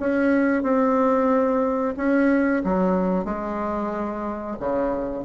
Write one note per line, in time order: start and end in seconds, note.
0.00 0.63 C#4
0.63 1.95 C4
1.97 2.63 C#4
2.64 3.25 F#3
3.25 4.57 G#3
4.60 5.25 C#3